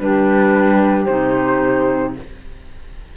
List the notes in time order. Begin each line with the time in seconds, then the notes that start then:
0.00 G3 D4 G4 B4
1.06 C3 D#4 C5